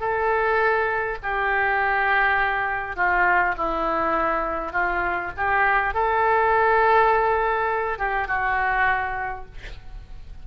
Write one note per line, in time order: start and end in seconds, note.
0.00 1.18 A4
1.22 2.96 G4
2.96 3.55 F4
3.57 4.72 E4
4.72 5.31 F4
5.36 5.94 G4
5.94 7.98 A4
7.98 8.27 G4
8.27 9.45 F#4